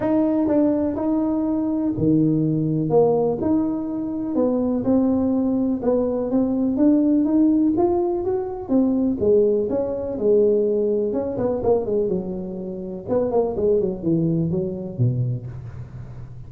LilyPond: \new Staff \with { instrumentName = "tuba" } { \time 4/4 \tempo 4 = 124 dis'4 d'4 dis'2 | dis2 ais4 dis'4~ | dis'4 b4 c'2 | b4 c'4 d'4 dis'4 |
f'4 fis'4 c'4 gis4 | cis'4 gis2 cis'8 b8 | ais8 gis8 fis2 b8 ais8 | gis8 fis8 e4 fis4 b,4 | }